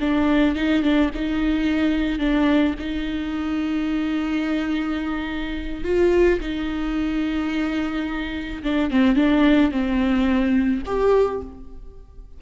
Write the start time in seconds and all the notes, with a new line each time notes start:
0.00 D4
0.55 D#4
0.82 D4
1.14 D#4
2.19 D4
2.79 D#4
5.84 F4
6.40 D#4
8.63 D4
8.90 C4
9.15 D4
9.71 C4
10.85 G4